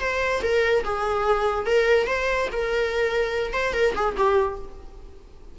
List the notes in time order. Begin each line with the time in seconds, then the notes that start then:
0.00 C5
0.42 A#4
0.84 G#4
1.66 A#4
2.07 C5
2.52 A#4
3.53 C5
3.73 A#4
3.95 G#4
4.17 G4